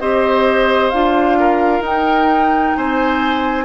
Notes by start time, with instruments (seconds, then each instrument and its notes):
0.00 bassoon C4, clarinet G4, oboe C5, flute D#5
0.90 bassoon D4, clarinet F4, flute F5
1.40 oboe A#4
1.80 bassoon D#4, clarinet D#4, flute G5
2.77 bassoon C4, oboe C5, flute G#5